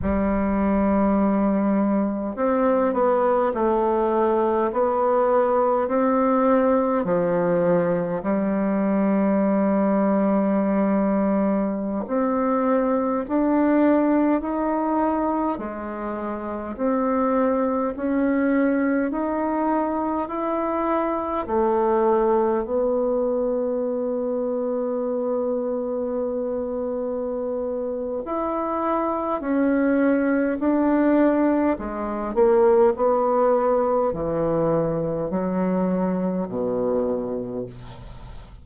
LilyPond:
\new Staff \with { instrumentName = "bassoon" } { \time 4/4 \tempo 4 = 51 g2 c'8 b8 a4 | b4 c'4 f4 g4~ | g2~ g16 c'4 d'8.~ | d'16 dis'4 gis4 c'4 cis'8.~ |
cis'16 dis'4 e'4 a4 b8.~ | b1 | e'4 cis'4 d'4 gis8 ais8 | b4 e4 fis4 b,4 | }